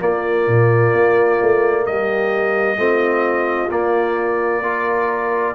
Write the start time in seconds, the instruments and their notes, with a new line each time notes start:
0.00 trombone A#3, tuba A#3, horn F4, trumpet D5
0.47 tuba A#2
0.94 tuba A#3
1.42 tuba A3
1.86 tuba G3, horn G4, trumpet D#5
2.77 tuba A3, trombone C4, horn F4
3.70 tuba A#3, trombone A#3, trumpet D5
4.63 trombone F4, horn A#4